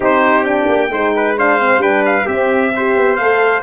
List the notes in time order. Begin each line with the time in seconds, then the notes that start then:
0.00 C4 D#4 G4 C5
0.44 D4 G5
0.68 A#3
0.89 G#3 D#4 C5
1.15 B4
1.37 D4 C5 F5
1.59 C4
1.77 G3 D4 B4 G5
2.05 F5
2.25 C4 G4 E5
2.75 G4 C5
2.96 B3
3.16 A3 A4 F5